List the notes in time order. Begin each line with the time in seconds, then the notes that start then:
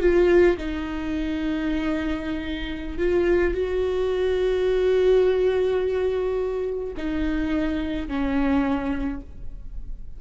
0.00 F4
0.57 D#4
2.97 F4
3.54 F#4
6.97 D#4
8.08 C#4